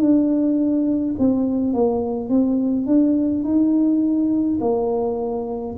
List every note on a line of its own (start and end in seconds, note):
0.00 1.15 D4
1.19 1.74 C4
1.74 2.29 A#3
2.29 2.86 C4
2.86 3.44 D4
3.44 4.59 D#4
4.61 5.76 A#3